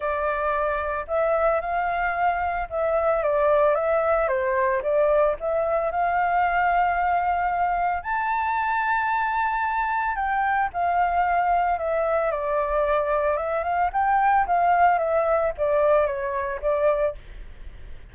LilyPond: \new Staff \with { instrumentName = "flute" } { \time 4/4 \tempo 4 = 112 d''2 e''4 f''4~ | f''4 e''4 d''4 e''4 | c''4 d''4 e''4 f''4~ | f''2. a''4~ |
a''2. g''4 | f''2 e''4 d''4~ | d''4 e''8 f''8 g''4 f''4 | e''4 d''4 cis''4 d''4 | }